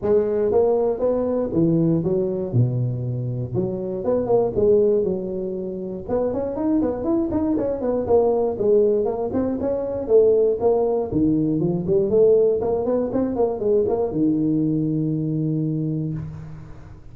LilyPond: \new Staff \with { instrumentName = "tuba" } { \time 4/4 \tempo 4 = 119 gis4 ais4 b4 e4 | fis4 b,2 fis4 | b8 ais8 gis4 fis2 | b8 cis'8 dis'8 b8 e'8 dis'8 cis'8 b8 |
ais4 gis4 ais8 c'8 cis'4 | a4 ais4 dis4 f8 g8 | a4 ais8 b8 c'8 ais8 gis8 ais8 | dis1 | }